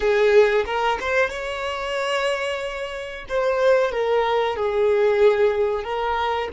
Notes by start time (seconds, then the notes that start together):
0.00 G#4
0.65 A#4
1.00 C5
1.30 C#5
3.28 C5
3.91 A#4
4.56 G#4
5.83 A#4